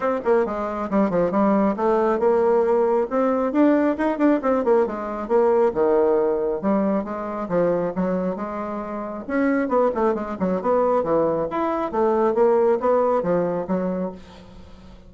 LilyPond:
\new Staff \with { instrumentName = "bassoon" } { \time 4/4 \tempo 4 = 136 c'8 ais8 gis4 g8 f8 g4 | a4 ais2 c'4 | d'4 dis'8 d'8 c'8 ais8 gis4 | ais4 dis2 g4 |
gis4 f4 fis4 gis4~ | gis4 cis'4 b8 a8 gis8 fis8 | b4 e4 e'4 a4 | ais4 b4 f4 fis4 | }